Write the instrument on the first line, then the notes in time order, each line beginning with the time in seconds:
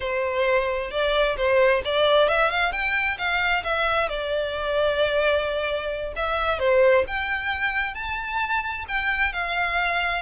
violin
0.00 C5
0.90 D5
1.36 C5
1.84 D5
2.28 E5
2.50 F5
2.72 G5
3.18 F5
3.63 E5
4.08 D5
6.15 E5
6.59 C5
7.07 G5
7.94 A5
8.88 G5
9.32 F5